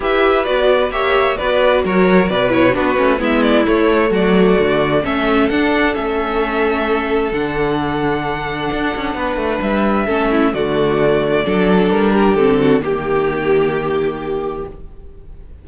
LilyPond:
<<
  \new Staff \with { instrumentName = "violin" } { \time 4/4 \tempo 4 = 131 e''4 d''4 e''4 d''4 | cis''4 d''8 cis''8 b'4 e''8 d''8 | cis''4 d''2 e''4 | fis''4 e''2. |
fis''1~ | fis''4 e''2 d''4~ | d''2 ais'4 a'4 | g'1 | }
  \new Staff \with { instrumentName = "violin" } { \time 4/4 b'2 cis''4 b'4 | ais'4 b'4 fis'4 e'4~ | e'4 fis'2 a'4~ | a'1~ |
a'1 | b'2 a'8 e'8 fis'4~ | fis'4 a'4. g'4 fis'8 | g'1 | }
  \new Staff \with { instrumentName = "viola" } { \time 4/4 g'4 fis'4 g'4 fis'4~ | fis'4. e'8 d'8 cis'8 b4 | a2. cis'4 | d'4 cis'2. |
d'1~ | d'2 cis'4 a4~ | a4 d'2 c'4 | ais1 | }
  \new Staff \with { instrumentName = "cello" } { \time 4/4 e'4 b4 ais4 b4 | fis4 b,4 b8 a8 gis4 | a4 fis4 d4 a4 | d'4 a2. |
d2. d'8 cis'8 | b8 a8 g4 a4 d4~ | d4 fis4 g4 d4 | dis1 | }
>>